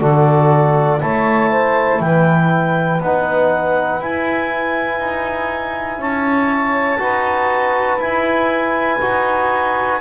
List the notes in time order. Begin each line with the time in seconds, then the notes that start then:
0.00 D3 F#4 A4 D5
0.99 A3 E4 C#5 A5
1.50 C5
2.00 E3 B4 G5
3.01 B3 D#4 F#5
4.00 E4 G#5
4.99 D#4
5.98 C#4 C#5 A5
7.00 D#4 F#4 B4
7.97 E4 G#5
9.01 D#4 F#4